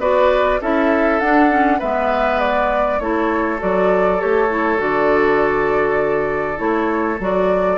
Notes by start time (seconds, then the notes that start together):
0.00 B3 F#4 B4 D5
0.61 C#4 E4 A4 E5
1.20 D4 F#5
1.50 C#4
1.79 G#3 B3 B4 E5
2.40 D5
3.00 A3 E4 A4 C#5
3.59 F#3 F#4 D5
4.19 A3 G4 C#5
4.50 E4
4.78 D3 F#4 D5
6.57 A3 E4 C#5
7.20 F#3 F#4 D5